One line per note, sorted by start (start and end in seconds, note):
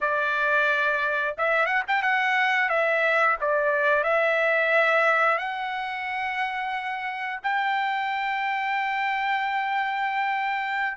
0.01 1.35 D5
1.37 1.65 E5
1.65 1.82 F#5
1.87 2.02 G5
2.02 2.69 F#5
2.69 3.36 E5
3.40 4.03 D5
4.03 5.37 E5
5.37 7.40 F#5
7.43 10.97 G5